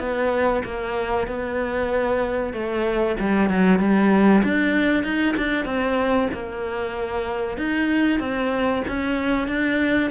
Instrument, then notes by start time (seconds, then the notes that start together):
cello
0.00 B3
0.65 A#3
1.27 B3
2.53 A3
3.20 G3
3.50 F#3
3.80 G3
4.44 D4
5.04 D#4
5.37 D4
5.66 C4
6.34 A#3
7.58 D#4
8.20 C4
8.88 C#4
9.48 D4